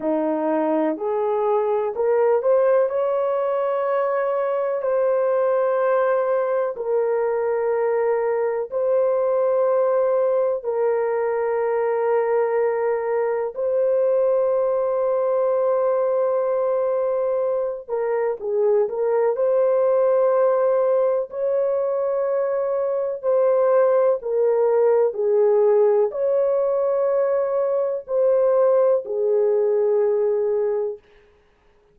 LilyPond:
\new Staff \with { instrumentName = "horn" } { \time 4/4 \tempo 4 = 62 dis'4 gis'4 ais'8 c''8 cis''4~ | cis''4 c''2 ais'4~ | ais'4 c''2 ais'4~ | ais'2 c''2~ |
c''2~ c''8 ais'8 gis'8 ais'8 | c''2 cis''2 | c''4 ais'4 gis'4 cis''4~ | cis''4 c''4 gis'2 | }